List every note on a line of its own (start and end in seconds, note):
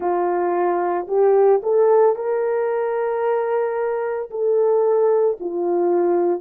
0.00 1.06 F4
1.07 1.61 G4
1.62 2.15 A4
2.15 4.30 A#4
4.30 5.37 A4
5.40 6.40 F4